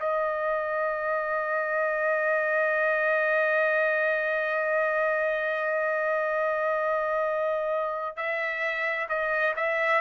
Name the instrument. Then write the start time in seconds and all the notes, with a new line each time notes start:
trumpet
0.00 D#5
8.17 E5
9.09 D#5
9.56 E5